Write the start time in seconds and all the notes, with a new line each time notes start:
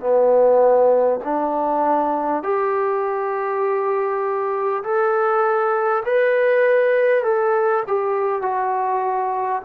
0.00 B3
1.24 D4
2.44 G4
4.84 A4
6.06 B4
7.24 A4
7.87 G4
8.42 F#4